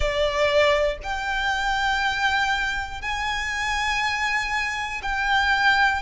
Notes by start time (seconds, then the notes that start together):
0.00 D5
1.03 G5
3.01 G#5
5.02 G5